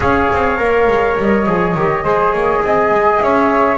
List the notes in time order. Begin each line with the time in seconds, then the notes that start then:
0.00 C#4 G#4 C#5 F5
0.32 C4
0.58 A#3 A#4
0.87 G#3
1.17 G3 D#5
1.46 F3 G#4
1.75 D#3 G4
2.04 G#3 G#4 C5
2.33 A#3 C#5
2.63 C4 D#5 G#5
2.90 G#3
3.19 C#4 C#5 E5